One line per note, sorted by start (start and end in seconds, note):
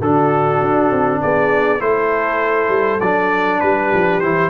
0.00 0.60 D3
0.00 1.79 D4
0.00 1.20 F#4
0.00 1.21 A4
0.61 0.91 D4
0.91 1.21 C4
1.21 1.80 B3
1.21 1.81 G#4
1.21 1.81 D5
1.79 2.68 A3
1.79 2.99 E4
1.79 3.61 A4
1.79 3.00 C5
2.68 2.98 G3
3.00 3.61 F#3
3.00 4.22 D4
3.00 3.60 D5
3.60 3.93 G3
3.60 4.50 G4
3.60 4.20 B4
3.94 4.21 F3
4.20 4.50 E3
4.20 4.50 E4
4.20 4.50 C5